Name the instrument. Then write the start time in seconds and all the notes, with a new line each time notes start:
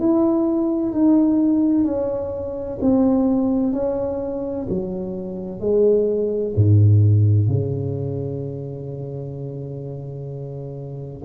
tuba
0.00 E4
0.93 D#4
1.85 C#4
2.82 C4
3.73 C#4
4.70 F#3
5.61 G#3
6.56 G#2
7.49 C#3